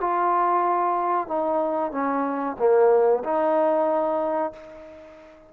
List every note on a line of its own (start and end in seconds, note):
0.00 1.28 F4
1.28 1.91 D#4
1.91 2.56 C#4
2.59 3.23 A#3
3.24 4.53 D#4